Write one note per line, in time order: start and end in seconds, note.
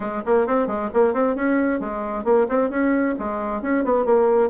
0.00 0.22 G#3
0.25 0.46 A#3
0.46 0.67 C4
0.67 0.89 G#3
0.93 1.13 A#3
1.13 1.35 C4
1.35 1.79 C#4
1.79 2.24 G#3
2.24 2.46 A#3
2.48 2.70 C4
2.70 3.15 C#4
3.18 3.62 G#3
3.62 3.84 C#4
3.84 4.05 B3
4.05 4.49 A#3